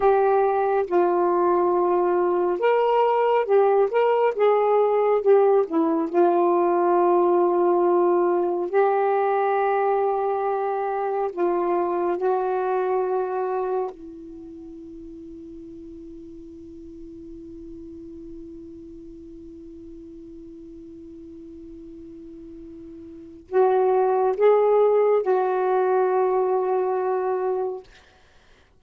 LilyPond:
\new Staff \with { instrumentName = "saxophone" } { \time 4/4 \tempo 4 = 69 g'4 f'2 ais'4 | g'8 ais'8 gis'4 g'8 e'8 f'4~ | f'2 g'2~ | g'4 f'4 fis'2 |
e'1~ | e'1~ | e'2. fis'4 | gis'4 fis'2. | }